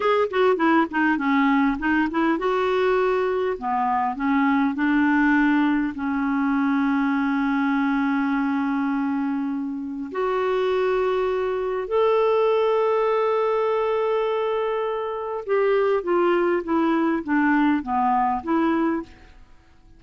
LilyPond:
\new Staff \with { instrumentName = "clarinet" } { \time 4/4 \tempo 4 = 101 gis'8 fis'8 e'8 dis'8 cis'4 dis'8 e'8 | fis'2 b4 cis'4 | d'2 cis'2~ | cis'1~ |
cis'4 fis'2. | a'1~ | a'2 g'4 f'4 | e'4 d'4 b4 e'4 | }